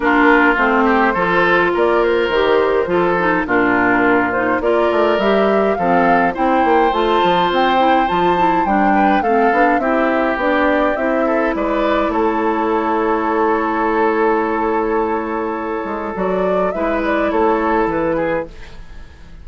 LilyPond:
<<
  \new Staff \with { instrumentName = "flute" } { \time 4/4 \tempo 4 = 104 ais'4 c''2 d''8 c''8~ | c''2 ais'4. c''8 | d''4 e''4 f''4 g''4 | a''4 g''4 a''4 g''4 |
f''4 e''4 d''4 e''4 | d''4 cis''2.~ | cis''1 | d''4 e''8 d''8 cis''4 b'4 | }
  \new Staff \with { instrumentName = "oboe" } { \time 4/4 f'4. g'8 a'4 ais'4~ | ais'4 a'4 f'2 | ais'2 a'4 c''4~ | c''2.~ c''8 b'8 |
a'4 g'2~ g'8 a'8 | b'4 a'2.~ | a'1~ | a'4 b'4 a'4. gis'8 | }
  \new Staff \with { instrumentName = "clarinet" } { \time 4/4 d'4 c'4 f'2 | g'4 f'8 dis'8 d'4. dis'8 | f'4 g'4 c'4 e'4 | f'4. e'8 f'8 e'8 d'4 |
c'8 d'8 e'4 d'4 e'4~ | e'1~ | e'1 | fis'4 e'2. | }
  \new Staff \with { instrumentName = "bassoon" } { \time 4/4 ais4 a4 f4 ais4 | dis4 f4 ais,2 | ais8 a8 g4 f4 c'8 ais8 | a8 f8 c'4 f4 g4 |
a8 b8 c'4 b4 c'4 | gis4 a2.~ | a2.~ a8 gis8 | fis4 gis4 a4 e4 | }
>>